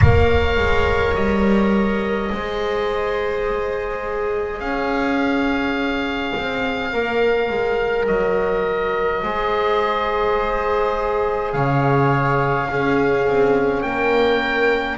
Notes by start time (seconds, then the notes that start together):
0.00 A#3 A#4 C#5 F5
0.57 G#3
1.15 G3 D#5
2.30 G#3 G#4 C5
4.59 C#4 C#5 F5
6.36 C4
6.93 A#3 A#4
7.49 G#3
8.06 F#3 D#5
9.22 G#3 G#4 C5
11.52 C#3 C#5 F5
12.68 C#4 G#4
13.26 C4
13.82 A#3 A#4 G5